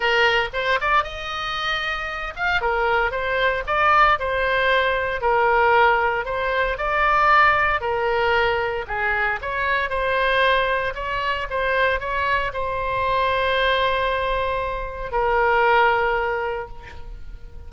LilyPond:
\new Staff \with { instrumentName = "oboe" } { \time 4/4 \tempo 4 = 115 ais'4 c''8 d''8 dis''2~ | dis''8 f''8 ais'4 c''4 d''4 | c''2 ais'2 | c''4 d''2 ais'4~ |
ais'4 gis'4 cis''4 c''4~ | c''4 cis''4 c''4 cis''4 | c''1~ | c''4 ais'2. | }